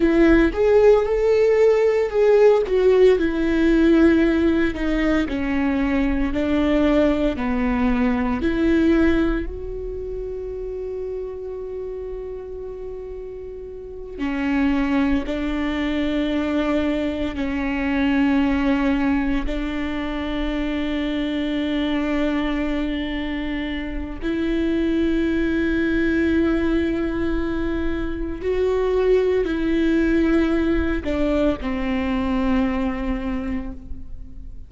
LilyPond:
\new Staff \with { instrumentName = "viola" } { \time 4/4 \tempo 4 = 57 e'8 gis'8 a'4 gis'8 fis'8 e'4~ | e'8 dis'8 cis'4 d'4 b4 | e'4 fis'2.~ | fis'4. cis'4 d'4.~ |
d'8 cis'2 d'4.~ | d'2. e'4~ | e'2. fis'4 | e'4. d'8 c'2 | }